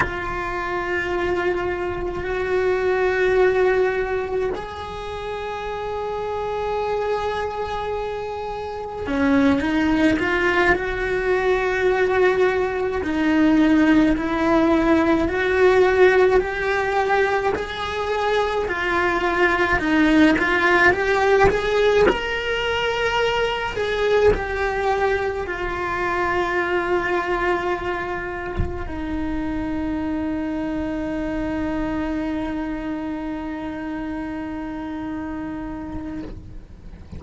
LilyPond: \new Staff \with { instrumentName = "cello" } { \time 4/4 \tempo 4 = 53 f'2 fis'2 | gis'1 | cis'8 dis'8 f'8 fis'2 dis'8~ | dis'8 e'4 fis'4 g'4 gis'8~ |
gis'8 f'4 dis'8 f'8 g'8 gis'8 ais'8~ | ais'4 gis'8 g'4 f'4.~ | f'4. dis'2~ dis'8~ | dis'1 | }